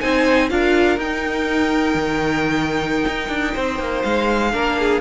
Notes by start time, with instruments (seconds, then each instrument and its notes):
0.00 cello C4, viola D#4, violin C5 G#5
0.49 cello D4, viola F4, violin A#4 F5
0.97 cello D#4, viola D#4, violin G5
1.94 cello D#3
3.07 cello D#4
3.28 cello D4
3.54 cello C4, violin C5
3.78 cello A#3
4.02 cello G#3, violin F5
4.52 cello A#3, viola D4, violin A#4
4.78 violin G#4